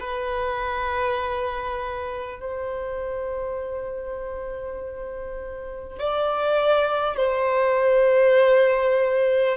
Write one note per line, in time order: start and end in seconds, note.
0.00 2.40 B4
2.40 5.98 C5
5.98 7.17 D5
7.17 9.57 C5